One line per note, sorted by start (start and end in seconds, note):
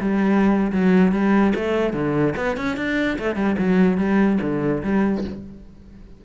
0.00 0.72 G3
0.72 1.12 F#3
1.12 1.53 G3
1.55 1.93 A3
1.93 2.34 D3
2.36 2.57 B3
2.57 2.77 C#4
2.77 3.18 D4
3.19 3.36 A3
3.36 3.56 G3
3.59 3.98 F#3
3.98 4.39 G3
4.41 4.83 D3
4.83 5.25 G3